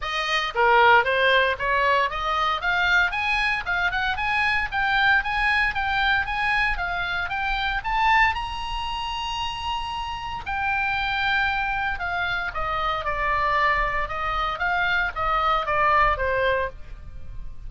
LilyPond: \new Staff \with { instrumentName = "oboe" } { \time 4/4 \tempo 4 = 115 dis''4 ais'4 c''4 cis''4 | dis''4 f''4 gis''4 f''8 fis''8 | gis''4 g''4 gis''4 g''4 | gis''4 f''4 g''4 a''4 |
ais''1 | g''2. f''4 | dis''4 d''2 dis''4 | f''4 dis''4 d''4 c''4 | }